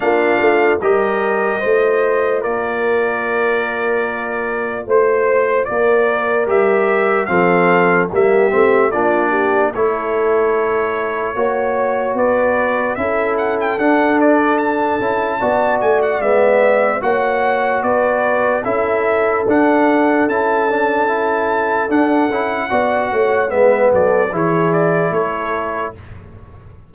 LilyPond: <<
  \new Staff \with { instrumentName = "trumpet" } { \time 4/4 \tempo 4 = 74 f''4 dis''2 d''4~ | d''2 c''4 d''4 | e''4 f''4 e''4 d''4 | cis''2. d''4 |
e''8 fis''16 g''16 fis''8 d''8 a''4. gis''16 fis''16 | e''4 fis''4 d''4 e''4 | fis''4 a''2 fis''4~ | fis''4 e''8 d''8 cis''8 d''8 cis''4 | }
  \new Staff \with { instrumentName = "horn" } { \time 4/4 f'4 ais'4 c''4 ais'4~ | ais'2 c''4 ais'4~ | ais'4 a'4 g'4 f'8 g'8 | a'2 cis''4 b'4 |
a'2. d''4~ | d''4 cis''4 b'4 a'4~ | a'1 | d''8 cis''8 b'8 a'8 gis'4 a'4 | }
  \new Staff \with { instrumentName = "trombone" } { \time 4/4 d'4 g'4 f'2~ | f'1 | g'4 c'4 ais8 c'8 d'4 | e'2 fis'2 |
e'4 d'4. e'8 fis'4 | b4 fis'2 e'4 | d'4 e'8 d'8 e'4 d'8 e'8 | fis'4 b4 e'2 | }
  \new Staff \with { instrumentName = "tuba" } { \time 4/4 ais8 a8 g4 a4 ais4~ | ais2 a4 ais4 | g4 f4 g8 a8 ais4 | a2 ais4 b4 |
cis'4 d'4. cis'8 b8 a8 | gis4 ais4 b4 cis'4 | d'4 cis'2 d'8 cis'8 | b8 a8 gis8 fis8 e4 a4 | }
>>